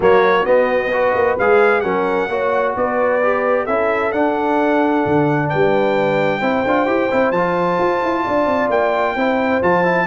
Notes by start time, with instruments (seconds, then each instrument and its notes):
0.00 tuba F#3, trombone A#3, horn F#4, trumpet C#5
0.45 tuba B3, trombone B3, trumpet D#5
0.92 trombone F#4, horn B4
1.14 tuba A#3
1.38 tuba G#3, trombone G#4, trumpet F5
1.80 tuba F#3, trombone C#4, horn A#4, trumpet F#5
2.29 tuba A#3, trombone F#4, horn C#5
2.76 tuba B3, horn B4, trumpet D5
3.22 trombone G4
3.64 tuba C#4, trombone E4, horn A4, trumpet E5
4.11 tuba D4, trombone D4, trumpet F#5
5.05 tuba D3
5.49 tuba G3, horn B4, trumpet G5
6.39 tuba C4, trombone E4, horn C5
6.66 tuba D4, trombone F4
6.86 tuba E4, trombone G4
7.11 tuba C4, trombone E4
7.31 tuba F3, trombone F4, trumpet A5
7.79 tuba F4
8.02 tuba E4
8.24 tuba D4, horn D5
8.46 tuba C4
8.69 tuba A#3, trumpet G5
9.15 tuba C4, trombone E4, horn C5
9.61 tuba F3, trombone F4, trumpet A5
9.84 trombone E4